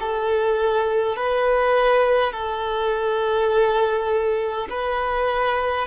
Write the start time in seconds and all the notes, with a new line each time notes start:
0.00 A4
1.17 B4
2.33 A4
4.71 B4